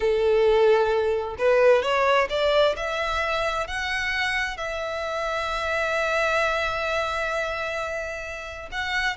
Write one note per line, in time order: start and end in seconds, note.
0.00 1.36 A4
1.38 1.82 B4
1.82 2.28 C#5
2.29 2.75 D5
2.76 3.67 E5
3.67 4.57 F#5
4.57 8.69 E5
8.71 9.16 F#5